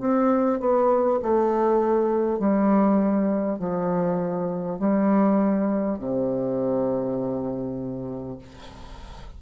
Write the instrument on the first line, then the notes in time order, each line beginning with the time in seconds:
bassoon
0.00 C4
0.60 B3
1.22 A3
2.39 G3
3.59 F3
4.79 G3
5.98 C3